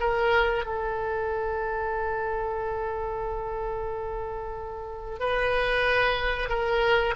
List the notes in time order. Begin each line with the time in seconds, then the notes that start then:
0.00 A#4
0.65 A4
5.20 B4
6.49 A#4